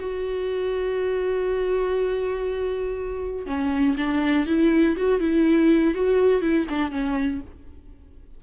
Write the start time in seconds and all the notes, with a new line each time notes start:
0.00 F#4
3.47 C#4
3.98 D4
4.47 E4
4.97 F#4
5.20 E4
5.95 F#4
6.42 E4
6.70 D4
6.92 C#4